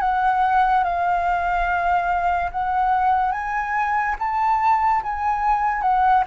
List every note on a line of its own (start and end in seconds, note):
0.00 0.83 F#5
0.84 2.50 F5
2.51 3.31 F#5
3.31 4.15 G#5
4.19 5.02 A5
5.03 5.81 G#5
5.81 6.23 F#5